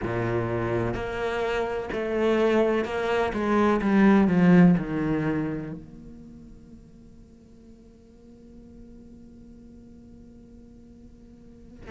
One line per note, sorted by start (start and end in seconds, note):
0.03 0.94 A#2
0.94 1.89 A#3
1.92 2.84 A3
2.84 3.32 A#3
3.33 3.81 G#3
3.81 4.27 G3
4.27 4.75 F3
4.77 5.72 D#3
5.72 11.90 A#3